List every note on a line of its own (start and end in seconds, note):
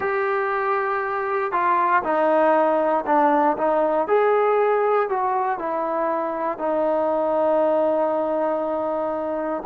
0.00 1.51 G4
1.51 2.02 F4
2.03 3.05 D#4
3.06 3.56 D4
3.57 4.07 D#4
4.07 5.09 G#4
5.09 5.58 F#4
5.58 6.58 E4
6.58 9.63 D#4